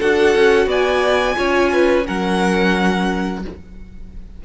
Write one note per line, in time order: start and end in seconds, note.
0.00 0.36 D4
0.00 1.36 F#4
0.00 0.68 A4
0.00 0.69 F#5
0.36 0.66 C#4
0.66 1.35 B3
0.66 1.37 D5
0.66 2.08 G#5
1.36 2.07 C#4
1.36 2.04 F4
1.36 1.72 C#5
1.73 2.07 B4
2.05 3.45 F#3
2.05 3.42 C#4
2.05 3.43 A#4
2.05 3.44 F#5